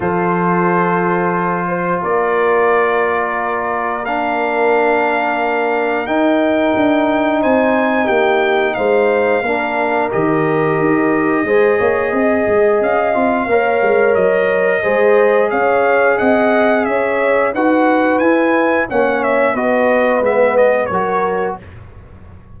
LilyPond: <<
  \new Staff \with { instrumentName = "trumpet" } { \time 4/4 \tempo 4 = 89 c''2. d''4~ | d''2 f''2~ | f''4 g''2 gis''4 | g''4 f''2 dis''4~ |
dis''2. f''4~ | f''4 dis''2 f''4 | fis''4 e''4 fis''4 gis''4 | fis''8 e''8 dis''4 e''8 dis''8 cis''4 | }
  \new Staff \with { instrumentName = "horn" } { \time 4/4 a'2~ a'8 c''8 ais'4~ | ais'1~ | ais'2. c''4 | g'4 c''4 ais'2~ |
ais'4 c''8 cis''8 dis''2 | cis''2 c''4 cis''4 | dis''4 cis''4 b'2 | cis''4 b'2 ais'4 | }
  \new Staff \with { instrumentName = "trombone" } { \time 4/4 f'1~ | f'2 d'2~ | d'4 dis'2.~ | dis'2 d'4 g'4~ |
g'4 gis'2~ gis'8 f'8 | ais'2 gis'2~ | gis'2 fis'4 e'4 | cis'4 fis'4 b4 fis'4 | }
  \new Staff \with { instrumentName = "tuba" } { \time 4/4 f2. ais4~ | ais1~ | ais4 dis'4 d'4 c'4 | ais4 gis4 ais4 dis4 |
dis'4 gis8 ais8 c'8 gis8 cis'8 c'8 | ais8 gis8 fis4 gis4 cis'4 | c'4 cis'4 dis'4 e'4 | ais4 b4 gis4 fis4 | }
>>